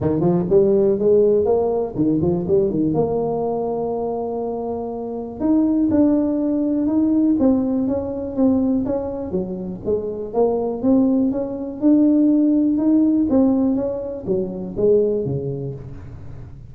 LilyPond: \new Staff \with { instrumentName = "tuba" } { \time 4/4 \tempo 4 = 122 dis8 f8 g4 gis4 ais4 | dis8 f8 g8 dis8 ais2~ | ais2. dis'4 | d'2 dis'4 c'4 |
cis'4 c'4 cis'4 fis4 | gis4 ais4 c'4 cis'4 | d'2 dis'4 c'4 | cis'4 fis4 gis4 cis4 | }